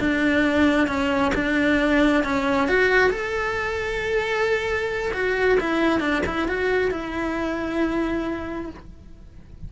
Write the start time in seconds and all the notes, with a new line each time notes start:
0.00 D4
0.88 C#4
1.35 D4
2.24 C#4
2.69 F#4
3.11 A4
5.14 F#4
5.61 E4
6.01 D4
6.27 E4
6.49 F#4
6.92 E4